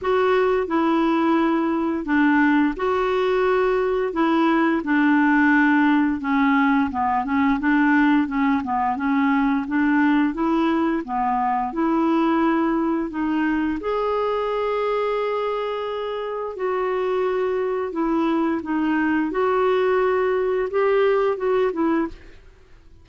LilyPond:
\new Staff \with { instrumentName = "clarinet" } { \time 4/4 \tempo 4 = 87 fis'4 e'2 d'4 | fis'2 e'4 d'4~ | d'4 cis'4 b8 cis'8 d'4 | cis'8 b8 cis'4 d'4 e'4 |
b4 e'2 dis'4 | gis'1 | fis'2 e'4 dis'4 | fis'2 g'4 fis'8 e'8 | }